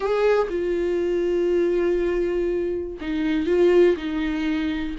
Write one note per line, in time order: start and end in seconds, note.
0.00 0.48 G#4
0.49 2.97 F4
3.00 3.46 D#4
3.46 3.95 F4
3.96 4.96 D#4